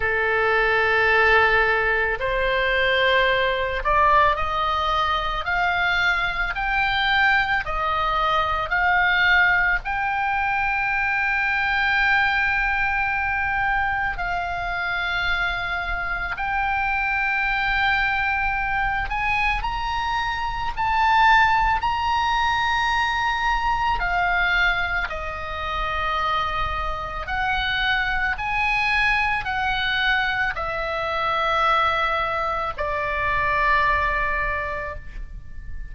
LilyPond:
\new Staff \with { instrumentName = "oboe" } { \time 4/4 \tempo 4 = 55 a'2 c''4. d''8 | dis''4 f''4 g''4 dis''4 | f''4 g''2.~ | g''4 f''2 g''4~ |
g''4. gis''8 ais''4 a''4 | ais''2 f''4 dis''4~ | dis''4 fis''4 gis''4 fis''4 | e''2 d''2 | }